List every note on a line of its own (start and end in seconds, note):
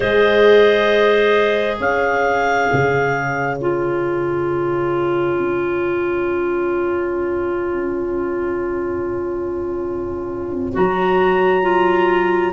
0.00 1.79 G#3
0.00 3.57 G#4
0.00 1.76 C5
0.00 1.76 D#5
1.76 2.68 C#4
1.76 12.51 C#5
1.76 3.56 F5
2.72 5.38 C#3
3.56 10.73 F4
3.56 10.73 G#5
5.38 10.75 C#4
10.73 12.52 F#3
10.73 11.62 F#4
10.73 12.52 A#5
11.62 12.52 F4